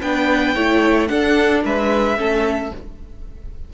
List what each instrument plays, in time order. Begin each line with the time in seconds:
0.00 cello B3, viola D4, violin B4 G5
0.54 cello A3, viola E4, violin C#5
1.07 viola D4, cello D4, violin A4 F#5
1.64 cello G#3, violin B4 E5
2.16 cello A3, viola C#4, violin A4